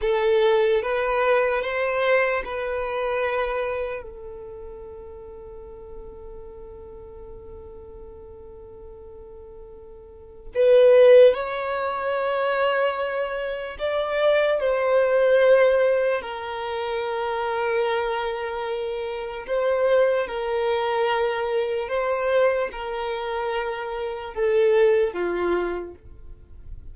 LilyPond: \new Staff \with { instrumentName = "violin" } { \time 4/4 \tempo 4 = 74 a'4 b'4 c''4 b'4~ | b'4 a'2.~ | a'1~ | a'4 b'4 cis''2~ |
cis''4 d''4 c''2 | ais'1 | c''4 ais'2 c''4 | ais'2 a'4 f'4 | }